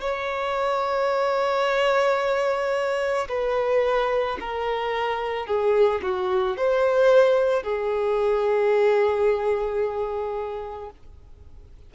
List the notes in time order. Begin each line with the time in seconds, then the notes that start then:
0.00 C#5
3.28 B4
4.40 A#4
5.46 G#4
6.02 F#4
6.57 C5
7.63 G#4